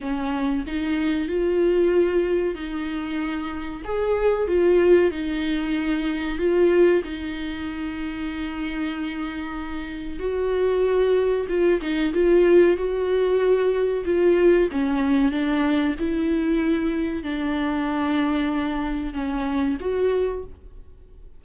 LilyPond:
\new Staff \with { instrumentName = "viola" } { \time 4/4 \tempo 4 = 94 cis'4 dis'4 f'2 | dis'2 gis'4 f'4 | dis'2 f'4 dis'4~ | dis'1 |
fis'2 f'8 dis'8 f'4 | fis'2 f'4 cis'4 | d'4 e'2 d'4~ | d'2 cis'4 fis'4 | }